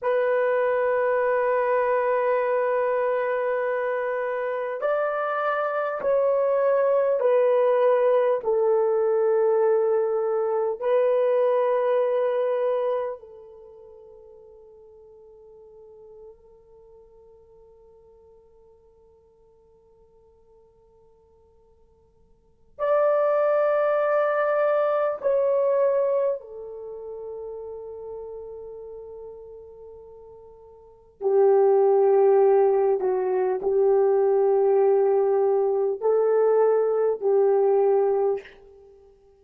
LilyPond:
\new Staff \with { instrumentName = "horn" } { \time 4/4 \tempo 4 = 50 b'1 | d''4 cis''4 b'4 a'4~ | a'4 b'2 a'4~ | a'1~ |
a'2. d''4~ | d''4 cis''4 a'2~ | a'2 g'4. fis'8 | g'2 a'4 g'4 | }